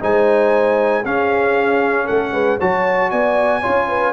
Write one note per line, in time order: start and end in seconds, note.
0.00 1.05 G#3
0.00 1.03 D#4
0.00 1.05 C5
0.00 1.05 G#5
1.05 2.09 C#4
1.05 2.61 C#4
1.05 2.05 G#4
1.05 2.07 F5
2.05 2.32 A3
2.05 2.31 A4
2.05 2.59 F#5
2.32 2.58 G#3
2.32 2.59 B4
2.59 3.12 F#3
2.59 3.63 F#4
2.59 3.10 C#5
2.59 3.11 A5
3.10 3.64 B3
3.10 3.61 D5
3.10 4.13 G#5
3.61 4.13 C#4
3.61 4.13 F4
3.61 3.87 C#5
3.88 4.13 B4